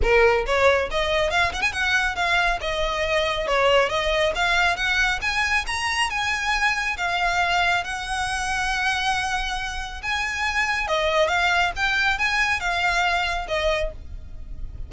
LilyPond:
\new Staff \with { instrumentName = "violin" } { \time 4/4 \tempo 4 = 138 ais'4 cis''4 dis''4 f''8 fis''16 gis''16 | fis''4 f''4 dis''2 | cis''4 dis''4 f''4 fis''4 | gis''4 ais''4 gis''2 |
f''2 fis''2~ | fis''2. gis''4~ | gis''4 dis''4 f''4 g''4 | gis''4 f''2 dis''4 | }